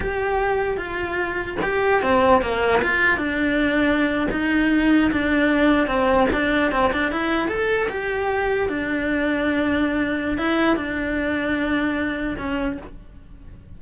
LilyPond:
\new Staff \with { instrumentName = "cello" } { \time 4/4 \tempo 4 = 150 g'2 f'2 | g'4 c'4 ais4 f'4 | d'2~ d'8. dis'4~ dis'16~ | dis'8. d'2 c'4 d'16~ |
d'8. c'8 d'8 e'4 a'4 g'16~ | g'4.~ g'16 d'2~ d'16~ | d'2 e'4 d'4~ | d'2. cis'4 | }